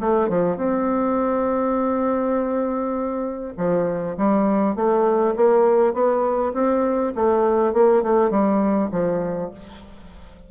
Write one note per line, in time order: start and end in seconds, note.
0.00 0.29 A3
0.29 0.57 F3
0.57 3.54 C4
3.57 4.17 F3
4.17 4.76 G3
4.76 5.35 A3
5.36 5.94 A#3
5.94 6.53 B3
6.54 7.13 C4
7.16 7.73 A3
7.73 8.03 A#3
8.03 8.31 A3
8.31 8.90 G3
8.92 9.51 F3